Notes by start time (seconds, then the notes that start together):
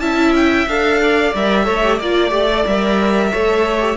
0.00 C#4 E4 E5 A5
0.36 G5
0.68 D4 A4 F5
1.02 D5
1.35 G3 A#4 E5
1.64 A3 A4 C#5
1.84 G4
1.97 A#3 F4 D5
2.31 A3 G4
2.53 A4
2.67 G3 A#4 E5
3.32 A3 A4 C#5
3.80 G4